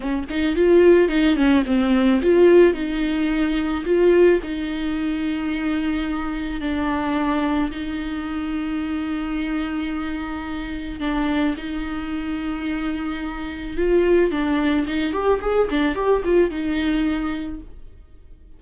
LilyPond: \new Staff \with { instrumentName = "viola" } { \time 4/4 \tempo 4 = 109 cis'8 dis'8 f'4 dis'8 cis'8 c'4 | f'4 dis'2 f'4 | dis'1 | d'2 dis'2~ |
dis'1 | d'4 dis'2.~ | dis'4 f'4 d'4 dis'8 g'8 | gis'8 d'8 g'8 f'8 dis'2 | }